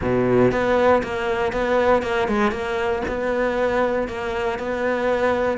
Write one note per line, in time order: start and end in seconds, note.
0.01 0.51 B2
0.51 1.02 B3
1.03 1.52 A#3
1.52 2.02 B3
2.02 2.27 A#3
2.27 2.51 G#3
2.51 3.02 A#3
3.07 4.07 B3
4.07 4.58 A#3
4.58 5.58 B3